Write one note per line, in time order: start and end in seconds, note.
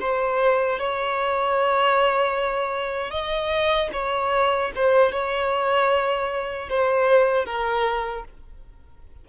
0.00 0.79 C5
0.79 3.10 C#5
3.10 3.89 D#5
3.93 4.72 C#5
4.75 5.12 C5
5.12 6.69 C#5
6.69 7.45 C5
7.45 8.24 A#4